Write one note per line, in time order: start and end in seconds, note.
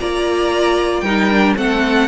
0.00 1.02 A#3
0.00 1.05 F4
0.00 1.04 D5
0.00 1.01 A#5
1.01 1.55 G3
1.01 1.31 D#4
1.01 1.57 A#4
1.01 1.54 G5
1.31 1.56 D4
1.56 2.09 A3
1.56 2.09 C4
1.56 2.09 A4
1.56 2.09 F#5